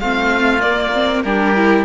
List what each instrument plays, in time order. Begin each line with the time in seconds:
0.00 cello A3, viola C4, oboe F4, violin F5
0.61 viola A#3, cello A#3, violin D5
0.94 viola C4
1.24 cello G3, viola D4, oboe G4, violin A#4
1.55 viola E4